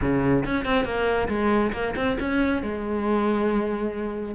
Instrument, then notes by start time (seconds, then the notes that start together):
cello
0.01 C#3
0.45 C#4
0.65 C4
0.84 A#3
1.28 G#3
1.72 A#3
1.96 C4
2.19 C#4
2.62 G#3